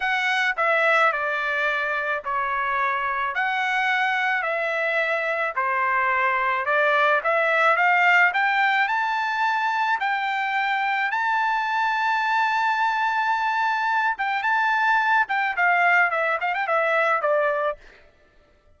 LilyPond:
\new Staff \with { instrumentName = "trumpet" } { \time 4/4 \tempo 4 = 108 fis''4 e''4 d''2 | cis''2 fis''2 | e''2 c''2 | d''4 e''4 f''4 g''4 |
a''2 g''2 | a''1~ | a''4. g''8 a''4. g''8 | f''4 e''8 f''16 g''16 e''4 d''4 | }